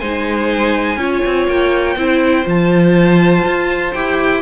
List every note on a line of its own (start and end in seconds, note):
0.00 0.97 G#3
0.00 0.98 D#4
0.00 0.99 C5
0.00 1.48 G#5
0.97 1.22 C#4
0.97 1.97 F4
0.97 1.98 C#5
1.26 1.48 C4
1.48 1.96 A#3
1.48 2.47 G5
1.96 2.46 C4
1.96 2.45 E4
1.96 4.43 C5
2.45 3.45 F3
2.45 3.92 F4
2.45 3.93 A5
3.46 3.95 F4
3.93 4.43 E4
3.93 4.43 G4
3.93 4.43 G5